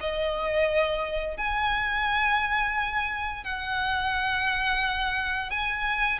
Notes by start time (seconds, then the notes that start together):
0.00 D#5
1.37 G#5
3.44 F#5
5.50 G#5